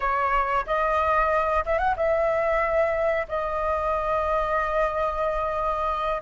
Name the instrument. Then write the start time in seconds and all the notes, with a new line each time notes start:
flute
0.00 C#5
0.66 D#5
1.65 E5
1.78 F#5
1.96 E5
3.28 D#5